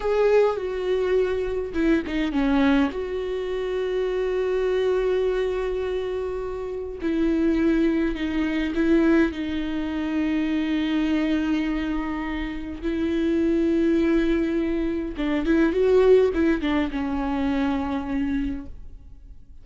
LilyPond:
\new Staff \with { instrumentName = "viola" } { \time 4/4 \tempo 4 = 103 gis'4 fis'2 e'8 dis'8 | cis'4 fis'2.~ | fis'1 | e'2 dis'4 e'4 |
dis'1~ | dis'2 e'2~ | e'2 d'8 e'8 fis'4 | e'8 d'8 cis'2. | }